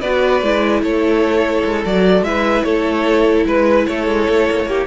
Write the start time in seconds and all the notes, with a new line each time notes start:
0.00 B3 F#4 B4 D5
0.42 G#3 E4
0.82 A3 A4 C#5
1.64 G#3
1.85 F#3 F#4 D5
2.22 G#3 E4 B4 E5
2.63 A3 A4 C#5
3.46 G#3 B4
3.86 A3 A4 C#5
4.07 G#3
4.29 A3
4.51 A#3
4.59 A3
4.66 A#3 G4